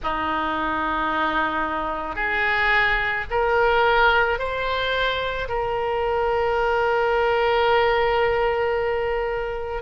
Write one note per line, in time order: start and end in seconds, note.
0.03 2.15 D#4
2.15 3.24 G#4
3.30 4.38 A#4
4.38 5.47 C5
5.48 9.82 A#4